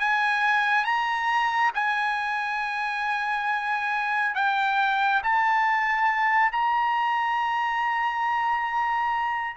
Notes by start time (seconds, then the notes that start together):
0.00 G#5
0.85 A#5
1.75 G#5
4.35 G5
5.23 A5
6.53 A#5